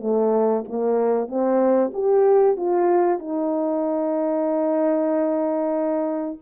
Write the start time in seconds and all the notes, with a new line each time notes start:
0.00 A3
0.68 A#3
1.27 C4
1.93 G4
2.56 F4
3.19 D#4